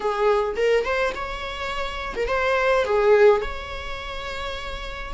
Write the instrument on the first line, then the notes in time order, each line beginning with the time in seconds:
viola
0.00 G#4
0.56 A#4
0.84 C5
1.14 C#5
2.16 A#4
2.27 C5
2.84 G#4
3.41 C#5